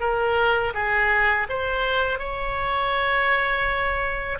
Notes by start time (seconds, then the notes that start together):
0.00 A#4
0.74 G#4
1.50 C5
2.19 C#5